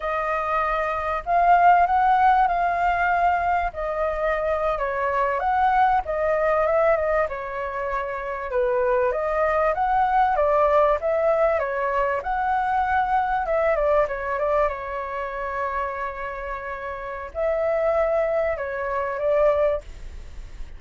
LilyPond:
\new Staff \with { instrumentName = "flute" } { \time 4/4 \tempo 4 = 97 dis''2 f''4 fis''4 | f''2 dis''4.~ dis''16 cis''16~ | cis''8. fis''4 dis''4 e''8 dis''8 cis''16~ | cis''4.~ cis''16 b'4 dis''4 fis''16~ |
fis''8. d''4 e''4 cis''4 fis''16~ | fis''4.~ fis''16 e''8 d''8 cis''8 d''8 cis''16~ | cis''1 | e''2 cis''4 d''4 | }